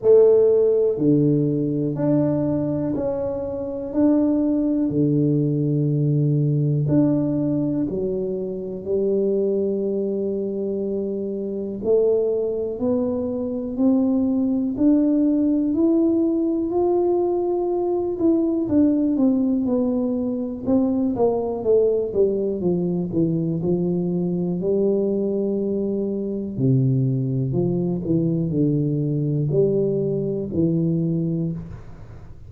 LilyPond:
\new Staff \with { instrumentName = "tuba" } { \time 4/4 \tempo 4 = 61 a4 d4 d'4 cis'4 | d'4 d2 d'4 | fis4 g2. | a4 b4 c'4 d'4 |
e'4 f'4. e'8 d'8 c'8 | b4 c'8 ais8 a8 g8 f8 e8 | f4 g2 c4 | f8 e8 d4 g4 e4 | }